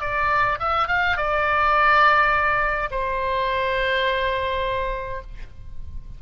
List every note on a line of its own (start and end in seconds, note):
0.00 0.58 D5
0.59 0.88 E5
0.88 1.16 F5
1.16 2.90 D5
2.90 5.21 C5